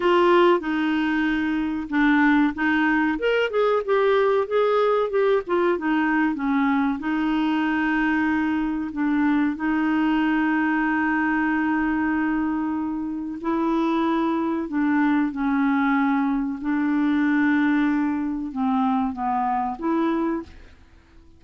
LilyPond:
\new Staff \with { instrumentName = "clarinet" } { \time 4/4 \tempo 4 = 94 f'4 dis'2 d'4 | dis'4 ais'8 gis'8 g'4 gis'4 | g'8 f'8 dis'4 cis'4 dis'4~ | dis'2 d'4 dis'4~ |
dis'1~ | dis'4 e'2 d'4 | cis'2 d'2~ | d'4 c'4 b4 e'4 | }